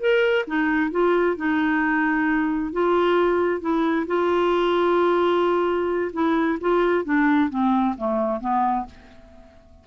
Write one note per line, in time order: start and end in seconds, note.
0.00 0.45 A#4
0.47 0.91 D#4
0.91 1.37 F4
1.37 2.72 D#4
2.72 3.61 F4
3.61 4.06 E4
4.07 6.12 F4
6.13 6.58 E4
6.61 7.04 F4
7.04 7.50 D4
7.50 7.95 C4
7.97 8.40 A3
8.40 8.86 B3